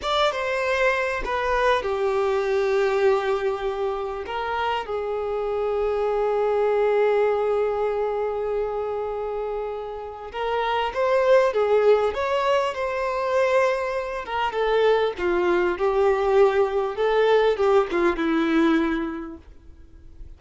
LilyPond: \new Staff \with { instrumentName = "violin" } { \time 4/4 \tempo 4 = 99 d''8 c''4. b'4 g'4~ | g'2. ais'4 | gis'1~ | gis'1~ |
gis'4 ais'4 c''4 gis'4 | cis''4 c''2~ c''8 ais'8 | a'4 f'4 g'2 | a'4 g'8 f'8 e'2 | }